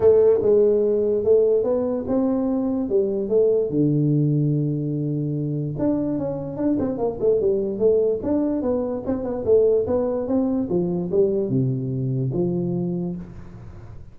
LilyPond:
\new Staff \with { instrumentName = "tuba" } { \time 4/4 \tempo 4 = 146 a4 gis2 a4 | b4 c'2 g4 | a4 d2.~ | d2 d'4 cis'4 |
d'8 c'8 ais8 a8 g4 a4 | d'4 b4 c'8 b8 a4 | b4 c'4 f4 g4 | c2 f2 | }